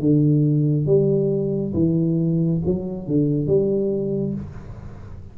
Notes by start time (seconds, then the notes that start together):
0.00 D3
0.87 G3
1.74 E3
2.66 F#3
3.07 D3
3.47 G3